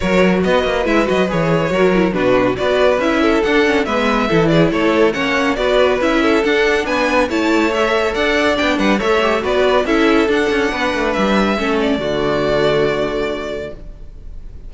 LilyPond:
<<
  \new Staff \with { instrumentName = "violin" } { \time 4/4 \tempo 4 = 140 cis''4 dis''4 e''8 dis''8 cis''4~ | cis''4 b'4 d''4 e''4 | fis''4 e''4. d''8 cis''4 | fis''4 d''4 e''4 fis''4 |
gis''4 a''4 e''4 fis''4 | g''8 fis''8 e''4 d''4 e''4 | fis''2 e''4. d''8~ | d''1 | }
  \new Staff \with { instrumentName = "violin" } { \time 4/4 ais'4 b'2. | ais'4 fis'4 b'4. a'8~ | a'4 b'4 a'8 gis'8 a'4 | cis''4 b'4. a'4. |
b'4 cis''2 d''4~ | d''8 b'8 cis''4 b'4 a'4~ | a'4 b'2 a'4 | fis'1 | }
  \new Staff \with { instrumentName = "viola" } { \time 4/4 fis'2 e'8 fis'8 gis'4 | fis'8 e'8 d'4 fis'4 e'4 | d'8 cis'8 b4 e'2 | cis'4 fis'4 e'4 d'4~ |
d'4 e'4 a'2 | d'4 a'8 g'8 fis'4 e'4 | d'2. cis'4 | a1 | }
  \new Staff \with { instrumentName = "cello" } { \time 4/4 fis4 b8 ais8 gis8 fis8 e4 | fis4 b,4 b4 cis'4 | d'4 gis4 e4 a4 | ais4 b4 cis'4 d'4 |
b4 a2 d'4 | b8 g8 a4 b4 cis'4 | d'8 cis'8 b8 a8 g4 a4 | d1 | }
>>